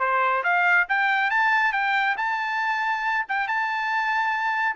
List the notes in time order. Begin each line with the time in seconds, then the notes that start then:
0.00 C5
0.44 F5
0.89 G5
1.31 A5
1.73 G5
2.18 A5
3.29 G5
3.48 A5